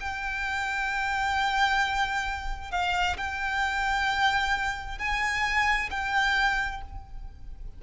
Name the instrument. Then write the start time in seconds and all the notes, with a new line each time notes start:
violin
0.00 G5
2.71 F5
3.17 G5
4.98 G#5
5.90 G5